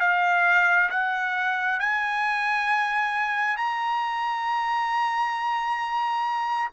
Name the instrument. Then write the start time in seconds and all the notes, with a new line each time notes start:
trumpet
0.00 F5
0.90 F#5
1.80 G#5
3.57 A#5